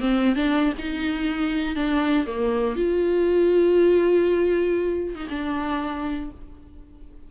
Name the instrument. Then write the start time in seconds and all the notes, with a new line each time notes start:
viola
0.00 C4
0.36 D4
0.79 D#4
1.76 D4
2.27 A#3
2.76 F4
5.15 D#4
5.30 D4